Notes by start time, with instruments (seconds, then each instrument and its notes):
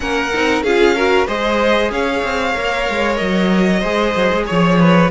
0.00 cello A#3, viola C#4, violin A#4 F#5
0.33 cello C4, viola D#4
0.62 cello C#4, viola F4, violin G#4 F5
0.95 viola F#4, violin A#4
1.27 cello G#3, viola G#4, violin C5 D#5
1.90 cello C#4, violin C#5 F5
2.23 cello C4
2.53 cello A#3, viola A#4
2.89 cello G#3
3.16 cello F#3, violin D#5
3.80 cello G#3, viola G#4, violin C5
4.15 cello F#3
4.32 cello G#3
4.46 cello F3, violin C#5
4.79 violin B4